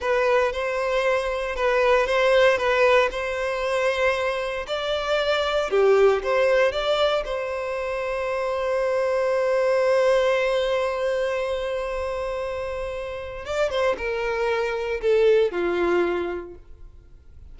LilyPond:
\new Staff \with { instrumentName = "violin" } { \time 4/4 \tempo 4 = 116 b'4 c''2 b'4 | c''4 b'4 c''2~ | c''4 d''2 g'4 | c''4 d''4 c''2~ |
c''1~ | c''1~ | c''2 d''8 c''8 ais'4~ | ais'4 a'4 f'2 | }